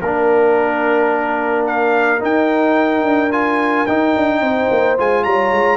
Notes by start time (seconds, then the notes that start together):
0.00 A#3 D4 A#4
1.66 F5
2.19 D#4 G5
3.02 D4
3.31 F4 G#5
3.86 D#4 G5
4.16 D4
4.40 C4 C5
4.70 A#3
4.97 G#3 F4 G#5
5.23 G3 C#5 A#5
5.51 G#3